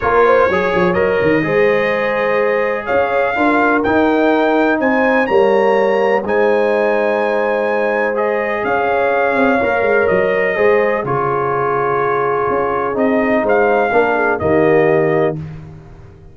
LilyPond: <<
  \new Staff \with { instrumentName = "trumpet" } { \time 4/4 \tempo 4 = 125 cis''2 dis''2~ | dis''2 f''2 | g''2 gis''4 ais''4~ | ais''4 gis''2.~ |
gis''4 dis''4 f''2~ | f''4 dis''2 cis''4~ | cis''2. dis''4 | f''2 dis''2 | }
  \new Staff \with { instrumentName = "horn" } { \time 4/4 ais'8 c''8 cis''2 c''4~ | c''2 cis''4 ais'4~ | ais'2 c''4 cis''4~ | cis''4 c''2.~ |
c''2 cis''2~ | cis''2 c''4 gis'4~ | gis'1 | c''4 ais'8 gis'8 g'2 | }
  \new Staff \with { instrumentName = "trombone" } { \time 4/4 f'4 gis'4 ais'4 gis'4~ | gis'2. f'4 | dis'2. ais4~ | ais4 dis'2.~ |
dis'4 gis'2. | ais'2 gis'4 f'4~ | f'2. dis'4~ | dis'4 d'4 ais2 | }
  \new Staff \with { instrumentName = "tuba" } { \time 4/4 ais4 fis8 f8 fis8 dis8 gis4~ | gis2 cis'4 d'4 | dis'2 c'4 g4~ | g4 gis2.~ |
gis2 cis'4. c'8 | ais8 gis8 fis4 gis4 cis4~ | cis2 cis'4 c'4 | gis4 ais4 dis2 | }
>>